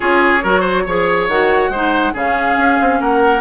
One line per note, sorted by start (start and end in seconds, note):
0.00 0.44 C#4
0.00 0.40 F4
0.00 0.43 G#4
0.00 1.28 C#5
0.43 0.86 F#3
0.43 0.87 F#4
0.43 0.60 A#4
0.60 0.82 C5
0.86 1.28 F3
0.86 1.30 G#4
0.86 1.71 C#5
1.28 1.69 D#3
1.28 1.73 F#4
1.28 2.14 F#5
1.69 2.12 G#3
1.69 2.13 D#4
1.69 2.13 C5
2.13 2.57 C#3
2.13 3.41 C#4
2.13 2.98 G#4
2.13 3.01 F5
2.57 2.78 C#4
2.80 3.00 C4
3.00 3.41 A#3
3.00 3.41 A#4
3.00 3.41 F#5